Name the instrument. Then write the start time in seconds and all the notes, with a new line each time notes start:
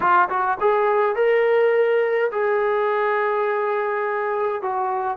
trombone
0.00 F4
0.29 F#4
0.60 G#4
1.15 A#4
2.31 G#4
4.62 F#4